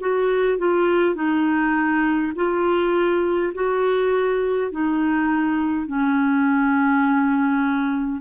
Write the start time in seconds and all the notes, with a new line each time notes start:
0.00 F#4
0.58 F4
1.14 D#4
2.35 F4
3.54 F#4
4.71 D#4
5.87 C#4